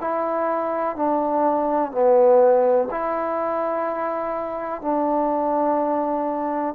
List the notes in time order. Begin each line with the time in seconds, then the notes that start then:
0.00 E4
0.96 D4
1.91 B3
2.90 E4
4.81 D4